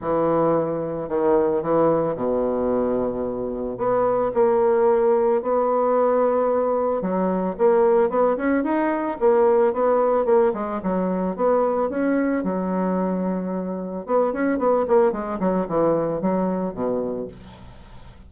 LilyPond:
\new Staff \with { instrumentName = "bassoon" } { \time 4/4 \tempo 4 = 111 e2 dis4 e4 | b,2. b4 | ais2 b2~ | b4 fis4 ais4 b8 cis'8 |
dis'4 ais4 b4 ais8 gis8 | fis4 b4 cis'4 fis4~ | fis2 b8 cis'8 b8 ais8 | gis8 fis8 e4 fis4 b,4 | }